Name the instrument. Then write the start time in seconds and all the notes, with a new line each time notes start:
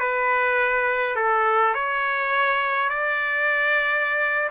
trumpet
0.00 B4
1.16 A4
1.74 C#5
2.90 D5